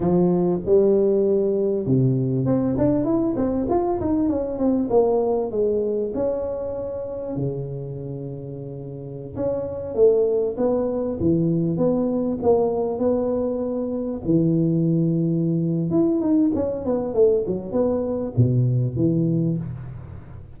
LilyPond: \new Staff \with { instrumentName = "tuba" } { \time 4/4 \tempo 4 = 98 f4 g2 c4 | c'8 d'8 e'8 c'8 f'8 dis'8 cis'8 c'8 | ais4 gis4 cis'2 | cis2.~ cis16 cis'8.~ |
cis'16 a4 b4 e4 b8.~ | b16 ais4 b2 e8.~ | e2 e'8 dis'8 cis'8 b8 | a8 fis8 b4 b,4 e4 | }